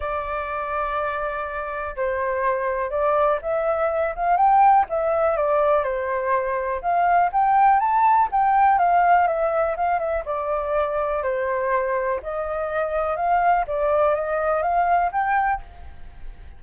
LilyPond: \new Staff \with { instrumentName = "flute" } { \time 4/4 \tempo 4 = 123 d''1 | c''2 d''4 e''4~ | e''8 f''8 g''4 e''4 d''4 | c''2 f''4 g''4 |
a''4 g''4 f''4 e''4 | f''8 e''8 d''2 c''4~ | c''4 dis''2 f''4 | d''4 dis''4 f''4 g''4 | }